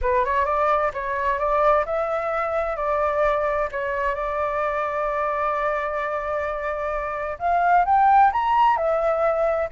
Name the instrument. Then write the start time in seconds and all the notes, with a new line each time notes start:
flute
0.01 B4
0.25 C#5
0.45 D5
0.93 C#5
1.38 D5
1.85 E5
2.76 D5
3.71 C#5
4.14 D5
7.38 F5
7.85 G5
8.32 A#5
8.76 E5